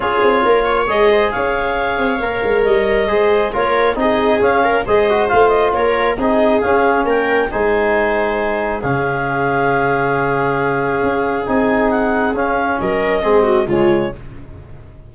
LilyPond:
<<
  \new Staff \with { instrumentName = "clarinet" } { \time 4/4 \tempo 4 = 136 cis''2 dis''4 f''4~ | f''2 dis''2 | cis''4 dis''4 f''4 dis''4 | f''8 dis''8 cis''4 dis''4 f''4 |
g''4 gis''2. | f''1~ | f''2 gis''4 fis''4 | f''4 dis''2 cis''4 | }
  \new Staff \with { instrumentName = "viola" } { \time 4/4 gis'4 ais'8 cis''4 c''8 cis''4~ | cis''2. c''4 | ais'4 gis'4. ais'8 c''4~ | c''4 ais'4 gis'2 |
ais'4 c''2. | gis'1~ | gis'1~ | gis'4 ais'4 gis'8 fis'8 f'4 | }
  \new Staff \with { instrumentName = "trombone" } { \time 4/4 f'2 gis'2~ | gis'4 ais'2 gis'4 | f'4 dis'4 cis'4 gis'8 fis'8 | f'2 dis'4 cis'4~ |
cis'4 dis'2. | cis'1~ | cis'2 dis'2 | cis'2 c'4 gis4 | }
  \new Staff \with { instrumentName = "tuba" } { \time 4/4 cis'8 c'8 ais4 gis4 cis'4~ | cis'8 c'8 ais8 gis8 g4 gis4 | ais4 c'4 cis'4 gis4 | a4 ais4 c'4 cis'4 |
ais4 gis2. | cis1~ | cis4 cis'4 c'2 | cis'4 fis4 gis4 cis4 | }
>>